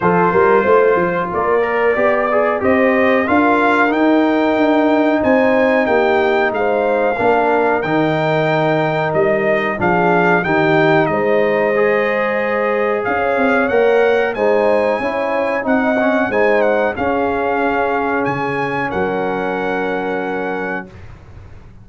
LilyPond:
<<
  \new Staff \with { instrumentName = "trumpet" } { \time 4/4 \tempo 4 = 92 c''2 d''2 | dis''4 f''4 g''2 | gis''4 g''4 f''2 | g''2 dis''4 f''4 |
g''4 dis''2. | f''4 fis''4 gis''2 | fis''4 gis''8 fis''8 f''2 | gis''4 fis''2. | }
  \new Staff \with { instrumentName = "horn" } { \time 4/4 a'8 ais'8 c''4 ais'4 d''4 | c''4 ais'2. | c''4 g'4 c''4 ais'4~ | ais'2. gis'4 |
g'4 c''2. | cis''2 c''4 cis''4 | dis''4 c''4 gis'2~ | gis'4 ais'2. | }
  \new Staff \with { instrumentName = "trombone" } { \time 4/4 f'2~ f'8 ais'8 g'8 gis'8 | g'4 f'4 dis'2~ | dis'2. d'4 | dis'2. d'4 |
dis'2 gis'2~ | gis'4 ais'4 dis'4 e'4 | dis'8 cis'8 dis'4 cis'2~ | cis'1 | }
  \new Staff \with { instrumentName = "tuba" } { \time 4/4 f8 g8 a8 f8 ais4 b4 | c'4 d'4 dis'4 d'4 | c'4 ais4 gis4 ais4 | dis2 g4 f4 |
dis4 gis2. | cis'8 c'8 ais4 gis4 cis'4 | c'4 gis4 cis'2 | cis4 fis2. | }
>>